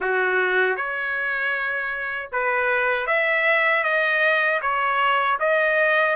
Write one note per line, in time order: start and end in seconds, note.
0.00 0.76 F#4
0.76 2.30 C#5
2.31 3.06 B4
3.06 3.83 E5
3.83 4.60 D#5
4.61 5.38 C#5
5.39 6.15 D#5